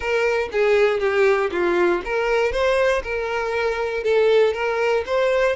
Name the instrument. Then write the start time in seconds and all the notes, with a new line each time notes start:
violin
0.00 A#4
0.52 G#4
0.99 G4
1.51 F4
2.04 A#4
2.52 C5
3.03 A#4
4.03 A4
4.53 A#4
5.06 C5